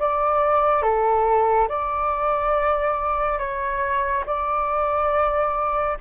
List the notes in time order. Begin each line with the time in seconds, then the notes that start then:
0.00 D5
0.83 A4
1.69 D5
3.39 C#5
4.26 D5